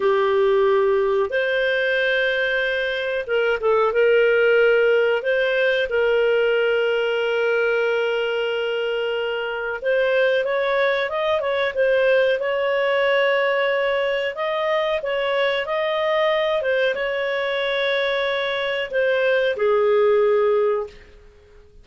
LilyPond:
\new Staff \with { instrumentName = "clarinet" } { \time 4/4 \tempo 4 = 92 g'2 c''2~ | c''4 ais'8 a'8 ais'2 | c''4 ais'2.~ | ais'2. c''4 |
cis''4 dis''8 cis''8 c''4 cis''4~ | cis''2 dis''4 cis''4 | dis''4. c''8 cis''2~ | cis''4 c''4 gis'2 | }